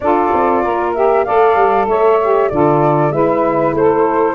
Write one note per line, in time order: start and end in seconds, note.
0.00 0.32 D4
0.00 0.95 F4
0.00 0.63 A4
0.00 0.93 D5
0.33 0.64 C4
0.63 1.27 A#3
0.63 1.25 A#4
0.93 1.25 G4
0.93 1.24 E5
1.24 1.55 A3
1.24 2.19 A4
1.24 1.87 D5
1.24 1.86 F5
1.55 1.87 G3
1.88 2.50 A3
1.88 2.50 C#5
1.88 2.49 E5
2.22 2.51 G4
2.49 3.10 D3
2.49 3.11 F4
2.49 3.12 A4
2.49 3.11 D5
3.10 3.72 G#3
3.10 4.35 E4
3.10 3.75 B4
3.10 3.74 E5
3.73 4.35 A3
3.73 4.35 A4
3.73 4.35 C5